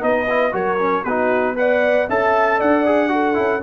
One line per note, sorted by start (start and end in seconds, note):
0.00 0.53 B3
0.00 0.26 D#4
0.00 0.53 B4
0.00 0.55 D#5
0.30 0.52 E4
0.52 1.05 F#3
0.52 0.78 F#4
0.52 1.04 A#4
0.52 1.04 C#5
0.78 1.04 C#4
1.04 2.08 B3
1.04 1.56 D#4
1.04 1.55 F#4
1.04 1.56 B4
1.56 2.07 B4
1.56 2.09 D5
1.56 2.10 F#5
2.09 2.60 C#4
2.09 2.85 A4
2.09 2.58 E5
2.09 2.60 A5
2.58 3.37 D4
2.58 3.10 D5
2.58 3.63 F#5
2.85 3.09 G#4
3.09 3.34 F#4
3.09 3.63 A4
3.34 3.63 C#4
3.34 3.60 E4